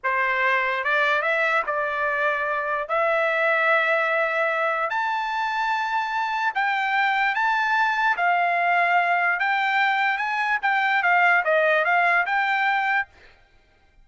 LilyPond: \new Staff \with { instrumentName = "trumpet" } { \time 4/4 \tempo 4 = 147 c''2 d''4 e''4 | d''2. e''4~ | e''1 | a''1 |
g''2 a''2 | f''2. g''4~ | g''4 gis''4 g''4 f''4 | dis''4 f''4 g''2 | }